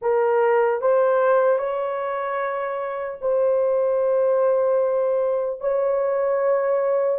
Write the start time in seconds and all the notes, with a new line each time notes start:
0.01 A#4
0.81 C5
1.58 C#5
3.21 C5
5.60 C#5